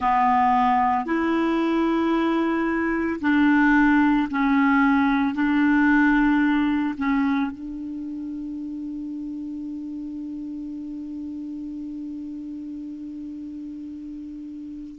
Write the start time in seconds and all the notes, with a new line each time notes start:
0.00 B3
1.05 E4
3.21 D4
4.30 C#4
5.34 D4
6.97 C#4
7.51 D4